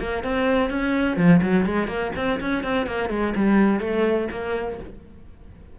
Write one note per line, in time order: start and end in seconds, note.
0.00 0.24 A#3
0.24 0.70 C4
0.70 1.18 C#4
1.18 1.42 F3
1.43 1.66 F#3
1.66 1.88 G#3
1.88 2.12 A#3
2.16 2.40 C4
2.41 2.64 C#4
2.64 2.87 C4
2.87 3.10 A#3
3.10 3.34 G#3
3.36 3.81 G3
3.81 4.29 A3
4.32 4.80 A#3